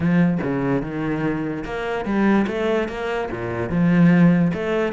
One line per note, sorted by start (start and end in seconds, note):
0.00 0.38 F3
0.42 0.81 C#3
0.81 1.64 D#3
1.64 2.05 A#3
2.05 2.46 G3
2.47 2.88 A3
2.88 3.29 A#3
3.31 3.69 A#2
3.69 4.51 F3
4.53 4.92 A3